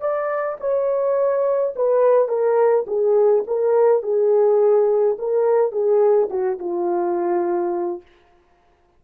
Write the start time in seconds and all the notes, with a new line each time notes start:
0.00 D5
0.60 C#5
1.76 B4
2.28 A#4
2.87 G#4
3.46 A#4
4.02 G#4
5.18 A#4
5.71 G#4
6.30 F#4
6.59 F4